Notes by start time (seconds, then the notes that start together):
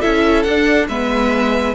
0.00 C#4 E4 A4 E5
0.43 D4 F#5
0.88 G#3 B3 B4 E5